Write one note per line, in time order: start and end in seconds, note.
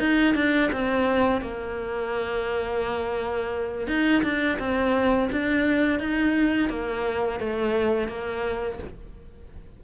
0.00 0.35 D#4
0.35 0.71 D4
0.73 1.42 C4
1.42 3.88 A#3
3.88 4.23 D#4
4.24 4.59 D4
4.59 5.30 C4
5.32 6.00 D4
6.00 6.70 D#4
6.70 7.40 A#3
7.40 8.09 A3
8.09 8.79 A#3